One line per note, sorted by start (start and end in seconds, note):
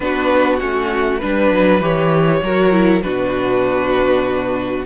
0.00 0.61 B3
0.00 0.60 D4
0.00 1.17 F#4
0.00 0.57 B4
0.60 1.21 A3
0.60 1.20 C#4
0.60 1.20 F#4
1.17 1.51 G3
1.17 1.81 D4
1.17 2.39 B4
1.17 1.81 B4
1.51 1.81 F#3
1.81 2.41 E3
1.81 2.41 G4
1.81 3.01 C#5
2.42 3.03 F#3
2.42 2.71 F#4
2.42 3.03 A#4
2.71 3.02 E4
3.01 4.85 B2
3.01 4.84 D4
3.01 4.85 F#4
3.01 4.83 B4